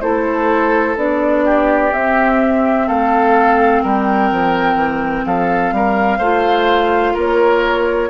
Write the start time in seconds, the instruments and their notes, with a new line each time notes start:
0.00 bassoon A3, clarinet E4, oboe A4, flute C5
0.96 bassoon B3, clarinet D4, flute D5
1.44 oboe G4
1.91 clarinet C4, bassoon C4, flute E5
2.87 bassoon A3, oboe A4, flute F5
3.82 bassoon G3, oboe A#4, flute G5
4.31 bassoon F3
4.75 bassoon E3
5.26 bassoon F3, oboe A4, flute F5
5.71 bassoon G3, oboe A#4
6.18 bassoon A3, clarinet F4, oboe C5
7.13 bassoon A#3, oboe A#4, flute C#5